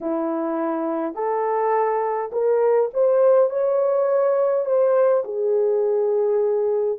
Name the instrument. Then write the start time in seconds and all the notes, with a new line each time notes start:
horn
0.00 E4
1.14 A4
2.32 A#4
2.93 C5
3.50 C#5
4.65 C5
5.24 G#4